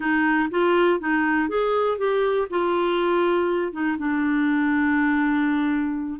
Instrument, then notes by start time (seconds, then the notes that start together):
clarinet
0.00 D#4
0.50 F4
1.00 D#4
1.48 G#4
1.98 G4
2.50 F4
3.72 D#4
3.98 D4